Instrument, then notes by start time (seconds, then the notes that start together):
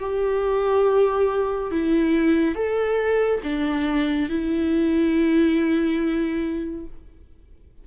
viola
0.00 G4
1.71 E4
2.56 A4
3.44 D4
4.29 E4